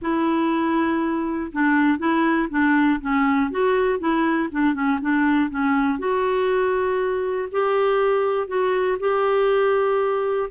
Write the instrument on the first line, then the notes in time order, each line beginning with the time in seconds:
clarinet
0.01 E4
1.52 D4
1.98 E4
2.50 D4
3.00 C#4
3.50 F#4
3.99 E4
4.51 D4
4.74 C#4
5.01 D4
5.50 C#4
5.98 F#4
7.51 G4
8.47 F#4
8.99 G4